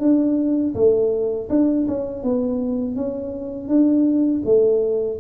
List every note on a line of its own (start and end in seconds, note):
0.00 0.74 D4
0.75 1.49 A3
1.49 1.87 D4
1.88 2.23 C#4
2.23 2.95 B3
2.95 3.68 C#4
3.68 4.42 D4
4.45 5.19 A3